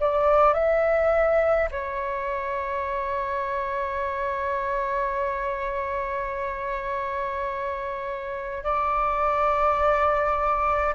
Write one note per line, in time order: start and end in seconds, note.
0.00 0.53 D5
0.53 1.69 E5
1.71 8.63 C#5
8.63 10.94 D5